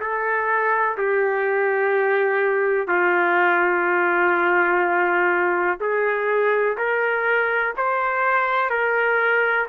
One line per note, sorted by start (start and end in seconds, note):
0.00 0.97 A4
0.97 2.88 G4
2.88 5.78 F4
5.80 6.77 G#4
6.77 7.74 A#4
7.76 8.70 C5
8.70 9.67 A#4